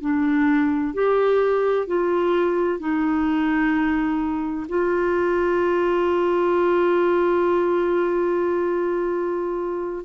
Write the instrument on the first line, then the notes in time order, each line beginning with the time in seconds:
clarinet
0.00 D4
0.93 G4
1.87 F4
2.79 D#4
4.68 F4